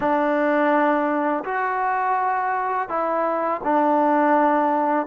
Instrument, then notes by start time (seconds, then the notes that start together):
trombone
0.00 D4
1.44 F#4
2.88 E4
3.63 D4